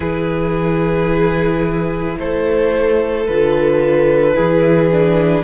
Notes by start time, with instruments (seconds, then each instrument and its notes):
0.00 cello E3, viola E4, violin G#4 B4
2.18 cello A3, violin A4 C5
3.27 cello D3, viola F4, violin B4
4.34 cello E3, viola E4, violin G#4
4.91 viola D4